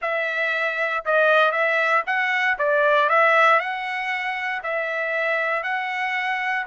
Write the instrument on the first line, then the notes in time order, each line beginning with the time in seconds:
trumpet
0.01 E5
1.05 D#5
1.51 E5
2.06 F#5
2.58 D5
3.09 E5
3.59 F#5
4.63 E5
5.63 F#5